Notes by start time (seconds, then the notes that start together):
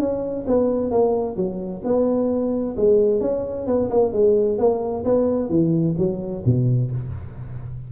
0.00 C#4
0.47 B3
0.91 A#3
1.37 F#3
1.84 B3
2.77 G#3
3.21 C#4
3.67 B3
3.91 A#3
4.13 G#3
4.59 A#3
5.05 B3
5.50 E3
5.98 F#3
6.46 B2